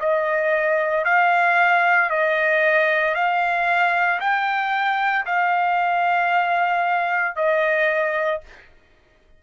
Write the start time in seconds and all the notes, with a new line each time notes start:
0.00 D#5
1.05 F5
2.10 D#5
3.15 F5
4.21 G5
5.26 F5
7.36 D#5